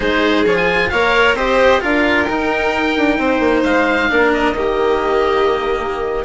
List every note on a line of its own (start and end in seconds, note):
0.00 0.45 G#3
0.00 0.45 D#4
0.00 0.90 G#4
0.00 0.45 C5
0.45 0.90 F3
0.45 0.92 F4
0.45 0.56 C#5
0.56 0.89 G#5
0.89 1.34 A#3
0.89 1.36 A#4
0.89 1.35 C#5
0.89 1.34 F5
1.34 1.79 C4
1.34 1.80 G4
1.34 1.80 C5
1.34 1.82 D#5
1.80 2.29 D4
1.80 2.26 F4
1.80 3.18 A#4
1.80 2.23 F5
2.23 2.97 D#4
2.23 4.09 D#4
2.23 3.60 G5
2.97 3.18 D4
3.18 3.39 C4
3.18 4.10 C5
3.39 3.62 A#3
3.63 4.09 G#3
3.63 4.31 F5
4.09 4.52 A#3
4.09 4.54 D4
4.09 4.56 A#4
4.34 6.24 D#5
4.52 6.23 D#3
4.52 6.24 A#3
4.52 6.24 G4